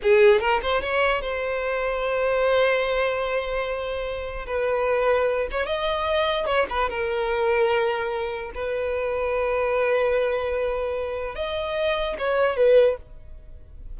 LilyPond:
\new Staff \with { instrumentName = "violin" } { \time 4/4 \tempo 4 = 148 gis'4 ais'8 c''8 cis''4 c''4~ | c''1~ | c''2. b'4~ | b'4. cis''8 dis''2 |
cis''8 b'8 ais'2.~ | ais'4 b'2.~ | b'1 | dis''2 cis''4 b'4 | }